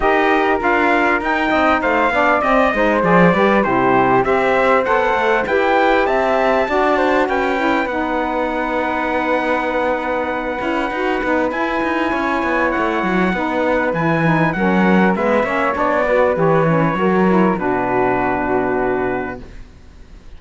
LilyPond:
<<
  \new Staff \with { instrumentName = "trumpet" } { \time 4/4 \tempo 4 = 99 dis''4 f''4 g''4 f''4 | dis''4 d''4 c''4 e''4 | fis''4 g''4 a''2 | g''4 fis''2.~ |
fis''2. gis''4~ | gis''4 fis''2 gis''4 | fis''4 e''4 d''4 cis''4~ | cis''4 b'2. | }
  \new Staff \with { instrumentName = "flute" } { \time 4/4 ais'2~ ais'8 dis''8 c''8 d''8~ | d''8 c''4 b'8 g'4 c''4~ | c''4 b'4 e''4 d''8 c''8 | b'1~ |
b'1 | cis''2 b'2 | ais'4 b'8 cis''4 b'4. | ais'4 fis'2. | }
  \new Staff \with { instrumentName = "saxophone" } { \time 4/4 g'4 f'4 dis'4. d'8 | c'8 dis'8 gis'8 g'8 e'4 g'4 | a'4 g'2 fis'4~ | fis'8 e'8 dis'2.~ |
dis'4. e'8 fis'8 dis'8 e'4~ | e'2 dis'4 e'8 dis'8 | cis'4 b8 cis'8 d'8 fis'8 g'8 cis'8 | fis'8 e'8 d'2. | }
  \new Staff \with { instrumentName = "cello" } { \time 4/4 dis'4 d'4 dis'8 c'8 a8 b8 | c'8 gis8 f8 g8 c4 c'4 | b8 a8 e'4 c'4 d'4 | cis'4 b2.~ |
b4. cis'8 dis'8 b8 e'8 dis'8 | cis'8 b8 a8 fis8 b4 e4 | fis4 gis8 ais8 b4 e4 | fis4 b,2. | }
>>